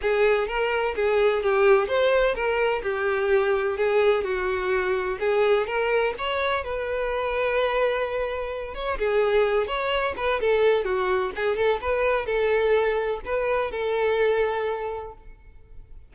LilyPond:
\new Staff \with { instrumentName = "violin" } { \time 4/4 \tempo 4 = 127 gis'4 ais'4 gis'4 g'4 | c''4 ais'4 g'2 | gis'4 fis'2 gis'4 | ais'4 cis''4 b'2~ |
b'2~ b'8 cis''8 gis'4~ | gis'8 cis''4 b'8 a'4 fis'4 | gis'8 a'8 b'4 a'2 | b'4 a'2. | }